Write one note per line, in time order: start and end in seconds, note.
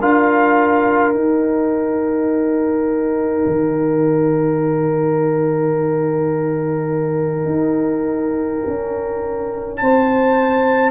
0.00 1.14 D4
0.00 1.14 F4
0.00 9.81 A#4
0.00 1.14 F5
1.14 3.45 D#4
1.14 10.91 D#4
1.14 9.77 G5
3.46 7.45 D#3
7.45 8.61 D#4
8.67 9.81 C#4
9.77 10.91 C4
9.77 10.91 C5
9.77 10.91 A5